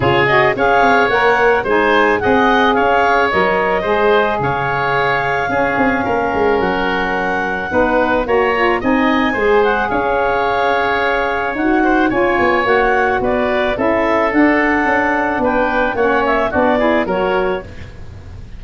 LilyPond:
<<
  \new Staff \with { instrumentName = "clarinet" } { \time 4/4 \tempo 4 = 109 cis''8 dis''8 f''4 fis''4 gis''4 | fis''4 f''4 dis''2 | f''1 | fis''2. ais''4 |
gis''4. fis''8 f''2~ | f''4 fis''4 gis''4 fis''4 | d''4 e''4 fis''2 | g''4 fis''8 e''8 d''4 cis''4 | }
  \new Staff \with { instrumentName = "oboe" } { \time 4/4 gis'4 cis''2 c''4 | dis''4 cis''2 c''4 | cis''2 gis'4 ais'4~ | ais'2 b'4 cis''4 |
dis''4 c''4 cis''2~ | cis''4. c''8 cis''2 | b'4 a'2. | b'4 cis''4 fis'8 gis'8 ais'4 | }
  \new Staff \with { instrumentName = "saxophone" } { \time 4/4 f'8 fis'8 gis'4 ais'4 dis'4 | gis'2 ais'4 gis'4~ | gis'2 cis'2~ | cis'2 dis'4 fis'8 f'8 |
dis'4 gis'2.~ | gis'4 fis'4 f'4 fis'4~ | fis'4 e'4 d'2~ | d'4 cis'4 d'8 e'8 fis'4 | }
  \new Staff \with { instrumentName = "tuba" } { \time 4/4 cis4 cis'8 c'8 ais4 gis4 | c'4 cis'4 fis4 gis4 | cis2 cis'8 c'8 ais8 gis8 | fis2 b4 ais4 |
c'4 gis4 cis'2~ | cis'4 dis'4 cis'8 b8 ais4 | b4 cis'4 d'4 cis'4 | b4 ais4 b4 fis4 | }
>>